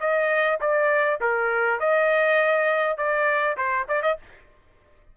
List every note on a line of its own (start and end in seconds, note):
0.00 0.59 D#5
0.60 1.20 D5
1.20 1.80 A#4
1.80 2.97 D#5
2.97 3.56 D5
3.57 3.86 C5
3.88 4.02 D5
4.02 4.17 D#5